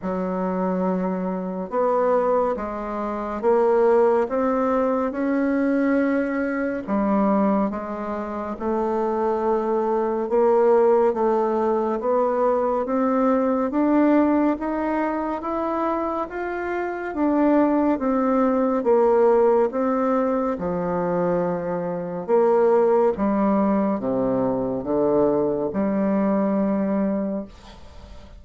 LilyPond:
\new Staff \with { instrumentName = "bassoon" } { \time 4/4 \tempo 4 = 70 fis2 b4 gis4 | ais4 c'4 cis'2 | g4 gis4 a2 | ais4 a4 b4 c'4 |
d'4 dis'4 e'4 f'4 | d'4 c'4 ais4 c'4 | f2 ais4 g4 | c4 d4 g2 | }